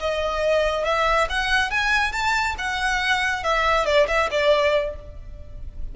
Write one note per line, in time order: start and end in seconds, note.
0.00 0.85 D#5
0.85 1.28 E5
1.29 1.71 F#5
1.71 2.12 G#5
2.12 2.55 A5
2.58 3.43 F#5
3.43 3.85 E5
3.85 4.07 D5
4.08 4.29 E5
4.31 4.96 D5